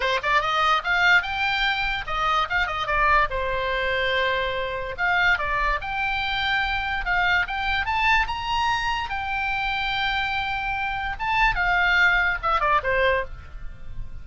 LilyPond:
\new Staff \with { instrumentName = "oboe" } { \time 4/4 \tempo 4 = 145 c''8 d''8 dis''4 f''4 g''4~ | g''4 dis''4 f''8 dis''8 d''4 | c''1 | f''4 d''4 g''2~ |
g''4 f''4 g''4 a''4 | ais''2 g''2~ | g''2. a''4 | f''2 e''8 d''8 c''4 | }